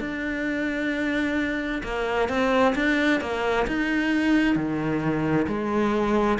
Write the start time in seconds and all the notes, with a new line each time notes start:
0.00 D4
1.83 A#3
2.29 C4
2.75 D4
3.21 A#3
3.67 D#4
4.55 D#3
5.48 G#3